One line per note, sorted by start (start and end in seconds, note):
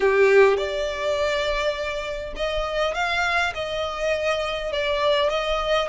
0.00 0.57 G4
0.57 2.33 D5
2.35 2.94 D#5
2.94 3.53 F5
3.54 4.71 D#5
4.71 5.29 D5
5.29 5.88 D#5